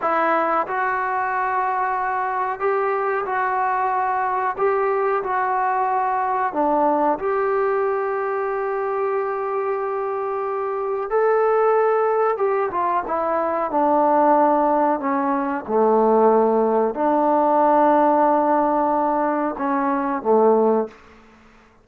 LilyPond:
\new Staff \with { instrumentName = "trombone" } { \time 4/4 \tempo 4 = 92 e'4 fis'2. | g'4 fis'2 g'4 | fis'2 d'4 g'4~ | g'1~ |
g'4 a'2 g'8 f'8 | e'4 d'2 cis'4 | a2 d'2~ | d'2 cis'4 a4 | }